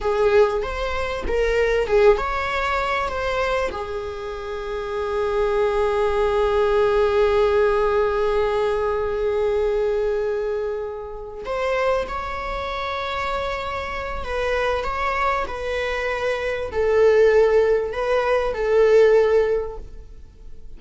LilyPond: \new Staff \with { instrumentName = "viola" } { \time 4/4 \tempo 4 = 97 gis'4 c''4 ais'4 gis'8 cis''8~ | cis''4 c''4 gis'2~ | gis'1~ | gis'1~ |
gis'2~ gis'8 c''4 cis''8~ | cis''2. b'4 | cis''4 b'2 a'4~ | a'4 b'4 a'2 | }